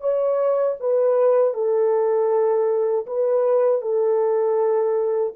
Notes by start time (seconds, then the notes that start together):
0.00 C#5
0.79 B4
1.54 A4
3.06 B4
3.81 A4